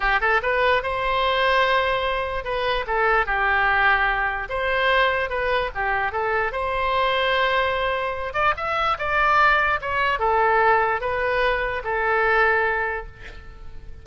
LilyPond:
\new Staff \with { instrumentName = "oboe" } { \time 4/4 \tempo 4 = 147 g'8 a'8 b'4 c''2~ | c''2 b'4 a'4 | g'2. c''4~ | c''4 b'4 g'4 a'4 |
c''1~ | c''8 d''8 e''4 d''2 | cis''4 a'2 b'4~ | b'4 a'2. | }